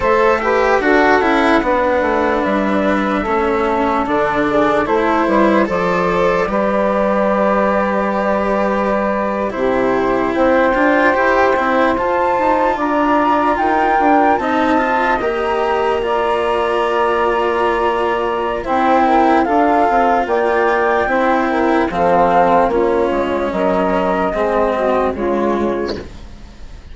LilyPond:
<<
  \new Staff \with { instrumentName = "flute" } { \time 4/4 \tempo 4 = 74 e''4 fis''2 e''4~ | e''4 d''4 c''4 d''4~ | d''2.~ d''8. c''16~ | c''8. g''2 a''4 ais''16~ |
ais''8. g''4 a''4 ais''4~ ais''16~ | ais''2. g''4 | f''4 g''2 f''4 | cis''4 dis''2 cis''4 | }
  \new Staff \with { instrumentName = "saxophone" } { \time 4/4 c''8 b'8 a'4 b'2 | a'4. gis'8 a'8 b'8 c''4 | b'2.~ b'8. g'16~ | g'8. c''2. d''16~ |
d''8. ais'4 dis''2 d''16~ | d''2. c''8 ais'8 | a'4 d''4 c''8 ais'8 a'4 | f'4 ais'4 gis'8 fis'8 f'4 | }
  \new Staff \with { instrumentName = "cello" } { \time 4/4 a'8 g'8 fis'8 e'8 d'2 | cis'4 d'4 e'4 a'4 | g'2.~ g'8. e'16~ | e'4~ e'16 f'8 g'8 e'8 f'4~ f'16~ |
f'4.~ f'16 dis'8 f'8 g'4 f'16~ | f'2. e'4 | f'2 e'4 c'4 | cis'2 c'4 gis4 | }
  \new Staff \with { instrumentName = "bassoon" } { \time 4/4 a4 d'8 cis'8 b8 a8 g4 | a4 d4 a8 g8 f4 | g2.~ g8. c16~ | c8. c'8 d'8 e'8 c'8 f'8 dis'8 d'16~ |
d'8. dis'8 d'8 c'4 ais4~ ais16~ | ais2. c'4 | d'8 c'8 ais4 c'4 f4 | ais8 gis8 fis4 gis4 cis4 | }
>>